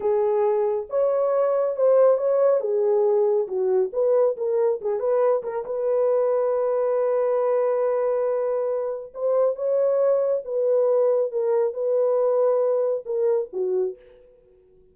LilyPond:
\new Staff \with { instrumentName = "horn" } { \time 4/4 \tempo 4 = 138 gis'2 cis''2 | c''4 cis''4 gis'2 | fis'4 b'4 ais'4 gis'8 b'8~ | b'8 ais'8 b'2.~ |
b'1~ | b'4 c''4 cis''2 | b'2 ais'4 b'4~ | b'2 ais'4 fis'4 | }